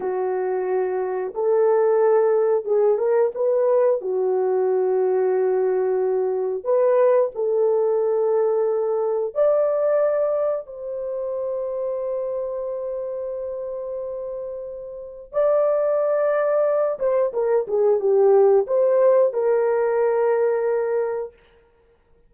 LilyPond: \new Staff \with { instrumentName = "horn" } { \time 4/4 \tempo 4 = 90 fis'2 a'2 | gis'8 ais'8 b'4 fis'2~ | fis'2 b'4 a'4~ | a'2 d''2 |
c''1~ | c''2. d''4~ | d''4. c''8 ais'8 gis'8 g'4 | c''4 ais'2. | }